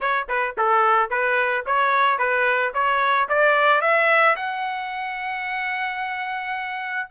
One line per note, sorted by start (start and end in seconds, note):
0.00 0.28 C#5
0.28 0.55 B4
0.57 1.10 A4
1.10 1.64 B4
1.65 2.18 C#5
2.18 2.72 B4
2.73 3.28 C#5
3.29 3.81 D5
3.81 4.35 E5
4.36 7.08 F#5